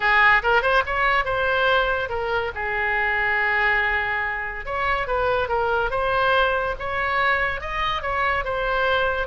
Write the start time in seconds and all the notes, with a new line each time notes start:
0.00 G#4
0.42 A#4
0.61 C5
0.86 C#5
1.25 C5
2.09 A#4
2.54 G#4
4.65 C#5
5.07 B4
5.48 A#4
5.90 C5
6.79 C#5
7.60 D#5
8.02 C#5
8.44 C5